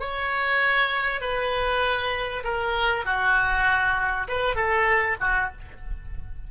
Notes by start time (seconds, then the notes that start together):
0.00 C#5
1.21 B4
2.44 A#4
3.05 F#4
4.28 B4
4.56 A4
5.20 F#4